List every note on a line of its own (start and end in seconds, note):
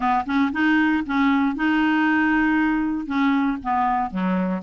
0.00 0.24 B3
0.26 0.51 C#4
0.52 1.03 D#4
1.05 1.55 C#4
1.55 3.06 D#4
3.06 3.57 C#4
3.63 4.10 B3
4.10 4.62 F#3